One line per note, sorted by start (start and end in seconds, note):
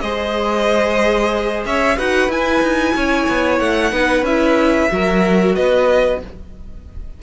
0.00 1.65 G#3
0.00 1.98 G#4
0.00 1.66 C5
0.00 1.63 D#5
1.65 1.98 C#4
1.65 1.97 C#5
1.65 1.98 E5
1.97 2.29 D#4
1.97 2.30 F#4
1.97 2.95 B4
1.97 2.31 F#5
2.29 2.61 E4
2.29 3.92 E4
2.29 3.59 G#5
2.62 2.94 D#4
2.95 3.28 C#4
2.95 3.93 C#5
3.28 3.60 B3
3.59 3.92 A3
3.59 4.24 F#5
3.92 4.22 B3
3.92 4.25 D#4
3.92 4.90 B4
4.22 4.87 C#4
4.22 4.90 E4
4.22 5.55 E5
4.90 5.57 F#3
4.90 6.20 F#4
4.90 5.56 A#4
5.55 6.22 B3
5.55 6.21 B4
5.55 6.20 D#5